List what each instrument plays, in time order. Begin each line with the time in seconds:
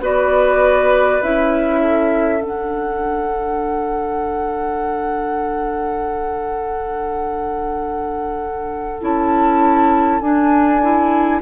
0.00 bassoon B3, clarinet F#4, oboe B4, flute D5
1.23 bassoon C#4, clarinet E4, flute E5
1.81 oboe A4
2.40 clarinet D4, bassoon D4, flute F#5
9.01 bassoon C#4, clarinet E4, flute A5
10.21 bassoon D4, clarinet D4, flute G#5
10.82 clarinet E4